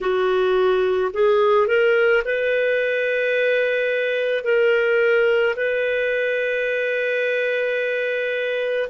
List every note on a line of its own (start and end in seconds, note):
0.00 1.11 F#4
1.13 1.67 G#4
1.67 2.22 A#4
2.24 4.44 B4
4.44 5.55 A#4
5.56 8.89 B4